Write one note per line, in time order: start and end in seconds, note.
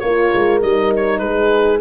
0.00 0.33 A#3
0.00 0.61 F4
0.00 1.23 A#4
0.00 0.60 C#5
0.35 0.64 G#3
0.61 1.21 G3
0.61 1.81 D#4
0.61 0.93 D#5
0.97 1.19 C#5
1.19 1.80 G#3
1.19 1.81 G#4
1.19 1.79 B4